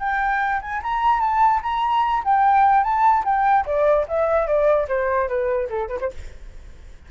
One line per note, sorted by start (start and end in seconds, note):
0.00 0.61 G5
0.62 0.82 G#5
0.83 1.21 A#5
1.21 1.61 A5
1.63 2.24 A#5
2.25 2.84 G5
2.84 3.24 A5
3.25 3.66 G5
3.66 4.07 D5
4.09 4.47 E5
4.47 4.88 D5
4.89 5.29 C5
5.29 5.69 B4
5.70 5.89 A4
5.89 5.99 B4
6.01 6.11 C5